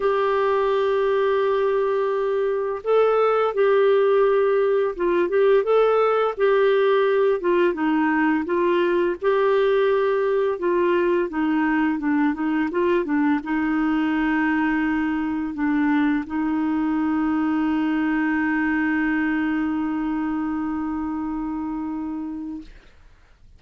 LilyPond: \new Staff \with { instrumentName = "clarinet" } { \time 4/4 \tempo 4 = 85 g'1 | a'4 g'2 f'8 g'8 | a'4 g'4. f'8 dis'4 | f'4 g'2 f'4 |
dis'4 d'8 dis'8 f'8 d'8 dis'4~ | dis'2 d'4 dis'4~ | dis'1~ | dis'1 | }